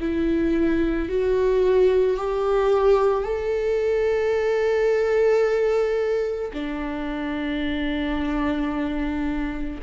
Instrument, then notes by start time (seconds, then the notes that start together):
viola
0.00 E4
1.09 F#4
2.17 G4
3.24 A4
6.53 D4